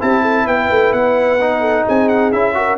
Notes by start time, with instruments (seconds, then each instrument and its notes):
0.00 tuba C4, trombone E4, horn G4, trumpet A5
0.21 horn A4
0.47 tuba B3, horn B4, trumpet G5
0.70 tuba A3
0.92 tuba B3, trumpet F#5
1.41 trombone D#4
1.60 horn A4
1.85 tuba C4, horn G#4, trumpet G#5
2.09 trumpet F#5
2.32 tuba C#4, trombone E4, trumpet E5
2.54 trombone F#4, horn A#4